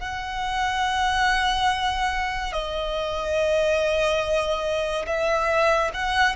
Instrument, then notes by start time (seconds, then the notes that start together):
violin
0.00 F#5
2.52 D#5
5.06 E5
5.93 F#5